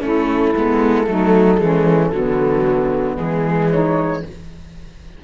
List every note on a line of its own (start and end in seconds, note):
0.00 0.54 A3
0.00 0.53 C#4
0.00 1.06 E4
0.00 3.16 A4
0.56 1.07 G#3
0.56 1.06 B3
1.06 1.60 F#3
1.06 1.57 A3
1.06 1.60 D#4
1.57 2.12 E3
1.57 2.10 G#3
1.57 2.12 C#4
2.12 3.17 D3
2.12 3.16 F#3
2.12 3.70 B3
3.16 4.23 E3
3.16 4.21 G#3
3.16 3.69 G#4
3.70 4.23 D#4
3.70 4.23 C#5